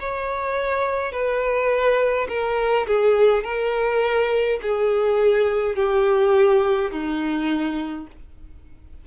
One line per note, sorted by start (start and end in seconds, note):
0.00 1.13 C#5
1.13 2.28 B4
2.29 2.87 A#4
2.87 3.45 G#4
3.45 4.60 A#4
4.63 5.76 G#4
5.76 6.91 G4
6.92 8.07 D#4